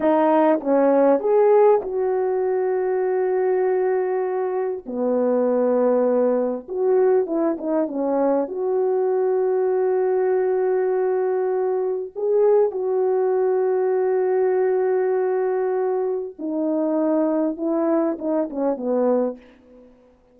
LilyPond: \new Staff \with { instrumentName = "horn" } { \time 4/4 \tempo 4 = 99 dis'4 cis'4 gis'4 fis'4~ | fis'1 | b2. fis'4 | e'8 dis'8 cis'4 fis'2~ |
fis'1 | gis'4 fis'2.~ | fis'2. dis'4~ | dis'4 e'4 dis'8 cis'8 b4 | }